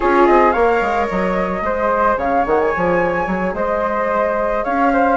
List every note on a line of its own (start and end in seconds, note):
0.00 0.28 C#4
0.00 0.53 F4
0.00 0.53 G#4
0.00 0.26 C#5
0.26 0.54 C4
0.26 0.51 D#5
0.51 0.81 A#3
0.51 1.62 C#5
0.51 1.06 F5
0.57 1.64 A#4
0.81 1.08 G#3
1.09 1.62 F#3
1.09 2.18 D#5
1.62 2.16 G#3
1.62 5.17 G#4
1.62 2.18 C5
2.17 2.44 C#3
2.17 3.54 C#5
2.17 2.46 F5
2.46 2.73 D#3
2.46 2.60 F#5
2.60 3.55 G#5
2.76 3.26 F3
3.26 3.54 F#3
3.54 4.63 G#3
3.54 4.63 C5
3.54 4.64 D#5
4.63 5.17 C#4
4.63 4.91 C#5
4.63 5.17 F5
4.93 5.17 C5